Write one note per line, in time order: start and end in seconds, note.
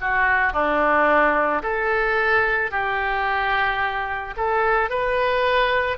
0.00 0.53 F#4
0.53 1.62 D4
1.62 2.71 A4
2.71 4.34 G4
4.36 4.89 A4
4.89 5.97 B4